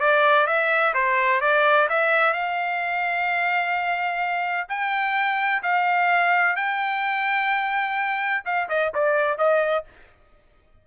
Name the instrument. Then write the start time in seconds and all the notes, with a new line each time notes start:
trumpet
0.00 D5
0.47 E5
0.94 C5
1.41 D5
1.89 E5
2.33 F5
4.69 G5
5.63 F5
6.56 G5
8.45 F5
8.69 D#5
8.95 D5
9.38 D#5